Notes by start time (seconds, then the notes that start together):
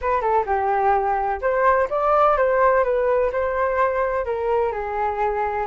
0.01 B4
0.21 A4
0.46 G4
1.41 C5
1.90 D5
2.37 C5
2.83 B4
3.32 C5
4.25 A#4
4.72 G#4